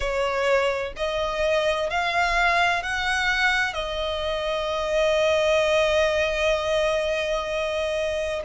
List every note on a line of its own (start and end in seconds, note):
0.00 0.93 C#5
0.96 1.90 D#5
1.90 2.83 F5
2.83 3.73 F#5
3.73 8.42 D#5